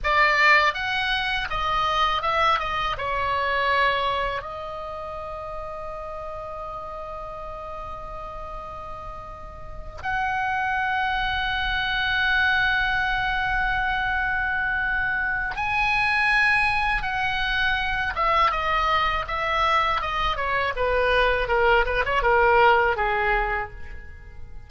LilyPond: \new Staff \with { instrumentName = "oboe" } { \time 4/4 \tempo 4 = 81 d''4 fis''4 dis''4 e''8 dis''8 | cis''2 dis''2~ | dis''1~ | dis''4. fis''2~ fis''8~ |
fis''1~ | fis''4 gis''2 fis''4~ | fis''8 e''8 dis''4 e''4 dis''8 cis''8 | b'4 ais'8 b'16 cis''16 ais'4 gis'4 | }